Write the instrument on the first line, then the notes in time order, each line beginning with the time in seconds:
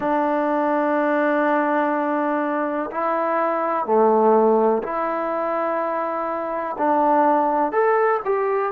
trombone
0.00 D4
2.91 E4
3.85 A3
4.83 E4
6.77 D4
7.72 A4
8.24 G4